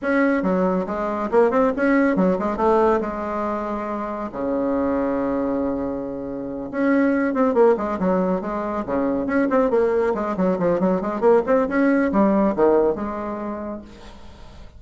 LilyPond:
\new Staff \with { instrumentName = "bassoon" } { \time 4/4 \tempo 4 = 139 cis'4 fis4 gis4 ais8 c'8 | cis'4 fis8 gis8 a4 gis4~ | gis2 cis2~ | cis2.~ cis8 cis'8~ |
cis'4 c'8 ais8 gis8 fis4 gis8~ | gis8 cis4 cis'8 c'8 ais4 gis8 | fis8 f8 fis8 gis8 ais8 c'8 cis'4 | g4 dis4 gis2 | }